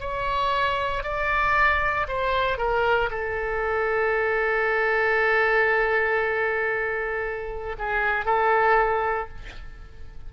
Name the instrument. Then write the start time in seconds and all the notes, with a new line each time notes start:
oboe
0.00 C#5
1.03 D5
2.08 C5
2.58 A#4
3.11 A4
7.79 G#4
8.25 A4